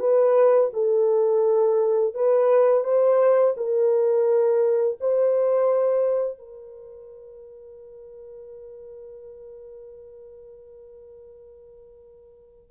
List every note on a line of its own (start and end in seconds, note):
0.00 0.71 B4
0.73 2.15 A4
2.15 2.84 B4
2.84 3.55 C5
3.57 4.99 A#4
5.01 6.39 C5
6.39 12.71 A#4